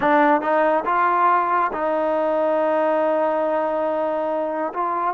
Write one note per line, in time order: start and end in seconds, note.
0.00 0.41 D4
0.41 0.84 D#4
0.85 1.71 F4
1.72 4.72 D#4
4.73 5.14 F4